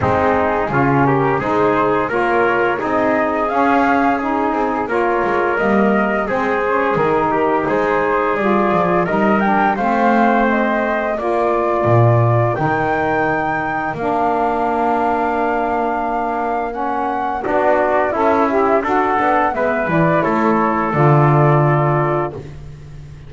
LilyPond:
<<
  \new Staff \with { instrumentName = "flute" } { \time 4/4 \tempo 4 = 86 gis'4. ais'8 c''4 cis''4 | dis''4 f''4 gis'4 cis''4 | dis''4 c''4 ais'4 c''4 | d''4 dis''8 g''8 f''4 dis''4 |
d''2 g''2 | f''1 | fis''4 d''4 e''4 fis''4 | e''8 d''8 cis''4 d''2 | }
  \new Staff \with { instrumentName = "trumpet" } { \time 4/4 dis'4 f'8 g'8 gis'4 ais'4 | gis'2. ais'4~ | ais'4 gis'4. g'8 gis'4~ | gis'4 ais'4 c''2 |
ais'1~ | ais'1~ | ais'4 fis'4 e'4 a'4 | b'4 a'2. | }
  \new Staff \with { instrumentName = "saxophone" } { \time 4/4 c'4 cis'4 dis'4 f'4 | dis'4 cis'4 dis'4 f'4 | ais4 c'8 cis'8 dis'2 | f'4 dis'8 d'8 c'2 |
f'2 dis'2 | d'1 | cis'4 d'4 a'8 g'8 fis'8 d'8 | b8 e'4. f'2 | }
  \new Staff \with { instrumentName = "double bass" } { \time 4/4 gis4 cis4 gis4 ais4 | c'4 cis'4. c'8 ais8 gis8 | g4 gis4 dis4 gis4 | g8 f8 g4 a2 |
ais4 ais,4 dis2 | ais1~ | ais4 b4 cis'4 d'8 b8 | gis8 e8 a4 d2 | }
>>